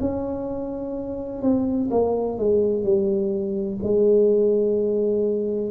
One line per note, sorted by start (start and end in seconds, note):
0.00 1.42 C#4
1.42 1.90 C4
1.90 2.38 A#3
2.38 2.84 G#3
2.84 3.79 G3
3.83 5.71 G#3